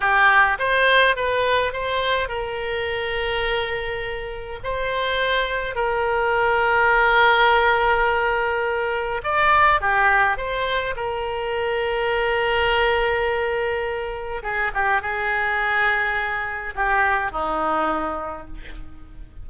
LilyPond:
\new Staff \with { instrumentName = "oboe" } { \time 4/4 \tempo 4 = 104 g'4 c''4 b'4 c''4 | ais'1 | c''2 ais'2~ | ais'1 |
d''4 g'4 c''4 ais'4~ | ais'1~ | ais'4 gis'8 g'8 gis'2~ | gis'4 g'4 dis'2 | }